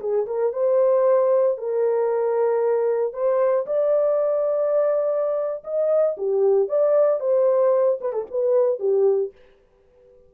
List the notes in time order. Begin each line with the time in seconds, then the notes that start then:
0.00 G#4
0.27 A#4
0.53 C5
1.58 A#4
3.13 C5
3.67 D5
5.64 D#5
6.17 G4
6.69 D5
7.20 C5
8.01 B4
8.13 A4
8.31 B4
8.79 G4